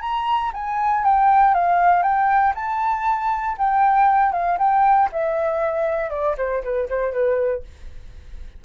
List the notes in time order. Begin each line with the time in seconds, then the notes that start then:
0.00 A#5
0.53 G#5
1.04 G5
1.54 F5
2.02 G5
2.54 A5
3.57 G5
4.32 F5
4.58 G5
5.12 E5
6.10 D5
6.37 C5
6.63 B4
6.89 C5
7.12 B4